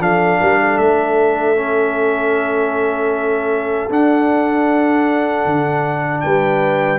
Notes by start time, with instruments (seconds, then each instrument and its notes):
0.00 tuba F3, trombone D4, horn A4, trumpet F5
0.40 tuba G3, horn A#4
0.60 horn A4
0.78 tuba A3, trumpet E5
1.56 trombone C#4
3.90 tuba D4, trombone D4, trumpet F#5
5.45 tuba D3
6.21 tuba G3, horn B4, trumpet G5